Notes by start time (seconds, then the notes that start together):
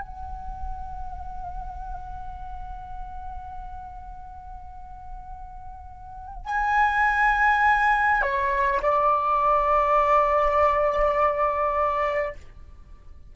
0.00 F#5
6.45 G#5
8.22 C#5
8.82 D5